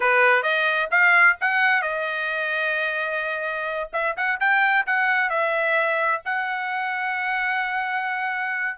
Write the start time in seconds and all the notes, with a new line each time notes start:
0.00 B4
0.43 D#5
0.90 F5
1.40 F#5
1.82 D#5
3.93 E5
4.16 F#5
4.40 G5
4.86 F#5
5.29 E5
6.25 F#5